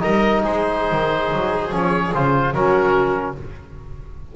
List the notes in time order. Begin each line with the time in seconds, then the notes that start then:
0.00 G3 D#4 A#4 D#5
0.43 G#3 G#4 C5
0.92 D#3
1.32 F#3
1.72 F3 C#4 C#5
2.15 C#3 F4 C5
2.54 F#3 C#4 F#4 A#4